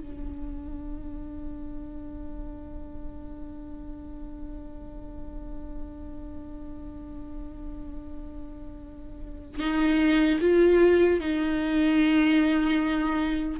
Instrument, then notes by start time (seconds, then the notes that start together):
viola
0.00 D4
9.59 D#4
10.40 F4
11.20 D#4